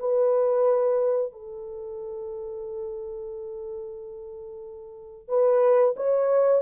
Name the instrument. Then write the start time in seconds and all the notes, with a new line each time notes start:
horn
0.00 B4
1.33 A4
5.29 B4
5.97 C#5